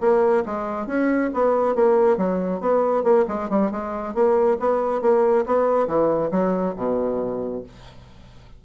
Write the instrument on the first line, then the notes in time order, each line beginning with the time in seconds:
bassoon
0.00 A#3
0.45 G#3
0.87 C#4
1.33 B3
1.75 A#3
2.17 F#3
2.60 B3
3.03 A#3
3.28 G#3
3.50 G3
3.71 G#3
4.14 A#3
4.59 B3
5.01 A#3
5.46 B3
5.87 E3
6.31 F#3
6.76 B2